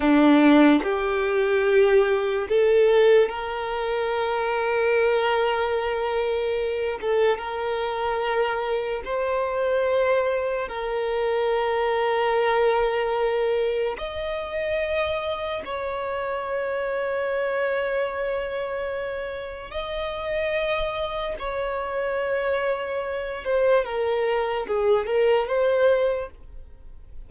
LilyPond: \new Staff \with { instrumentName = "violin" } { \time 4/4 \tempo 4 = 73 d'4 g'2 a'4 | ais'1~ | ais'8 a'8 ais'2 c''4~ | c''4 ais'2.~ |
ais'4 dis''2 cis''4~ | cis''1 | dis''2 cis''2~ | cis''8 c''8 ais'4 gis'8 ais'8 c''4 | }